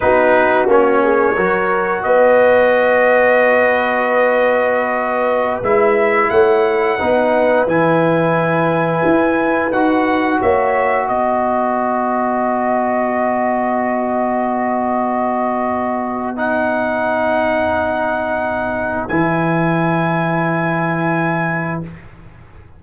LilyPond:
<<
  \new Staff \with { instrumentName = "trumpet" } { \time 4/4 \tempo 4 = 88 b'4 cis''2 dis''4~ | dis''1~ | dis''16 e''4 fis''2 gis''8.~ | gis''2~ gis''16 fis''4 e''8.~ |
e''16 dis''2.~ dis''8.~ | dis''1 | fis''1 | gis''1 | }
  \new Staff \with { instrumentName = "horn" } { \time 4/4 fis'4. gis'8 ais'4 b'4~ | b'1~ | b'4~ b'16 cis''4 b'4.~ b'16~ | b'2.~ b'16 cis''8.~ |
cis''16 b'2.~ b'8.~ | b'1~ | b'1~ | b'1 | }
  \new Staff \with { instrumentName = "trombone" } { \time 4/4 dis'4 cis'4 fis'2~ | fis'1~ | fis'16 e'2 dis'4 e'8.~ | e'2~ e'16 fis'4.~ fis'16~ |
fis'1~ | fis'1 | dis'1 | e'1 | }
  \new Staff \with { instrumentName = "tuba" } { \time 4/4 b4 ais4 fis4 b4~ | b1~ | b16 gis4 a4 b4 e8.~ | e4~ e16 e'4 dis'4 ais8.~ |
ais16 b2.~ b8.~ | b1~ | b1 | e1 | }
>>